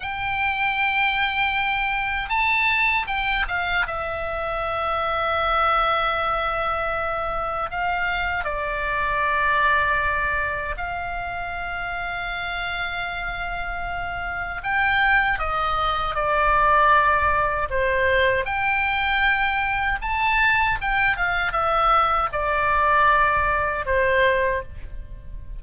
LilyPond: \new Staff \with { instrumentName = "oboe" } { \time 4/4 \tempo 4 = 78 g''2. a''4 | g''8 f''8 e''2.~ | e''2 f''4 d''4~ | d''2 f''2~ |
f''2. g''4 | dis''4 d''2 c''4 | g''2 a''4 g''8 f''8 | e''4 d''2 c''4 | }